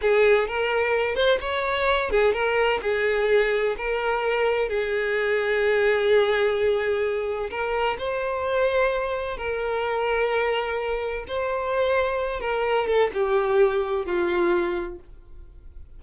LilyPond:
\new Staff \with { instrumentName = "violin" } { \time 4/4 \tempo 4 = 128 gis'4 ais'4. c''8 cis''4~ | cis''8 gis'8 ais'4 gis'2 | ais'2 gis'2~ | gis'1 |
ais'4 c''2. | ais'1 | c''2~ c''8 ais'4 a'8 | g'2 f'2 | }